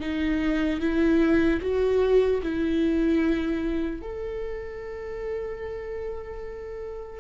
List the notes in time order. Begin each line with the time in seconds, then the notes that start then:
0.00 D#4
0.80 E4
1.61 F#4
2.43 E4
4.02 A4